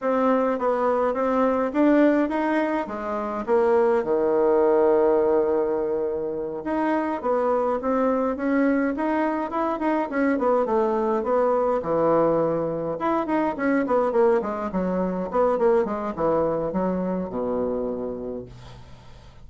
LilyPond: \new Staff \with { instrumentName = "bassoon" } { \time 4/4 \tempo 4 = 104 c'4 b4 c'4 d'4 | dis'4 gis4 ais4 dis4~ | dis2.~ dis8 dis'8~ | dis'8 b4 c'4 cis'4 dis'8~ |
dis'8 e'8 dis'8 cis'8 b8 a4 b8~ | b8 e2 e'8 dis'8 cis'8 | b8 ais8 gis8 fis4 b8 ais8 gis8 | e4 fis4 b,2 | }